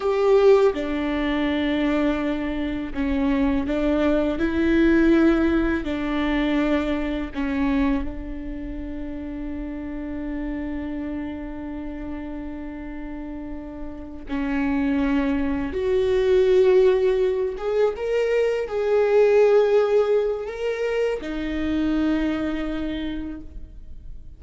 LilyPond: \new Staff \with { instrumentName = "viola" } { \time 4/4 \tempo 4 = 82 g'4 d'2. | cis'4 d'4 e'2 | d'2 cis'4 d'4~ | d'1~ |
d'2.~ d'8 cis'8~ | cis'4. fis'2~ fis'8 | gis'8 ais'4 gis'2~ gis'8 | ais'4 dis'2. | }